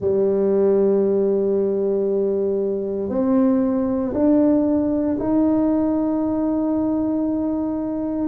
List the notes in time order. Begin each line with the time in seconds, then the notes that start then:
0.00 G3
3.09 C4
4.13 D4
5.19 D#4